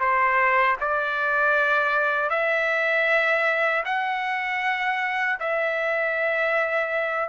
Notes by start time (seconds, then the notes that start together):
0.00 C5
0.81 D5
2.30 E5
3.85 F#5
5.40 E5